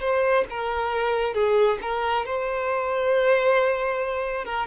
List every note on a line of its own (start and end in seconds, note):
0.00 0.44 C5
0.49 1.34 A#4
1.34 1.78 G#4
1.81 2.25 A#4
2.25 4.44 C5
4.44 4.66 A#4